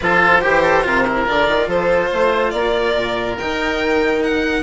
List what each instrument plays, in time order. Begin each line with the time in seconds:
0.00 bassoon F3, cello F4, oboe A4, violin C5
0.41 bassoon E3, cello G4, oboe G4
0.62 oboe A4
0.83 bassoon C3, cello F4, oboe A#4
1.07 cello E4
1.25 bassoon D3, cello F4, violin D5
1.48 bassoon D#3
1.67 bassoon F3, oboe A4, violin C5
2.09 bassoon A3, oboe C5
2.50 bassoon A#3, oboe A#4, violin D5
2.95 bassoon A#2
3.38 bassoon D#3, cello D#4, violin G5
4.23 violin F#5